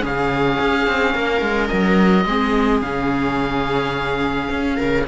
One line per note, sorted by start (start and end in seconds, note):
0.00 0.59 C#3
0.00 2.24 C#4
0.00 1.14 G#4
0.00 1.68 F5
0.59 0.86 C#4
0.86 1.14 C4
1.14 1.41 A#3
1.14 2.26 A#4
1.41 1.69 G#3
1.68 2.25 F#3
1.68 2.80 D#5
2.25 2.81 G#3
2.25 2.84 C4
2.25 4.76 G#4
2.81 4.49 C#3
2.81 5.07 C#4
2.81 5.06 F5
4.50 4.78 C#4
4.76 5.07 C#3
4.76 5.04 A#4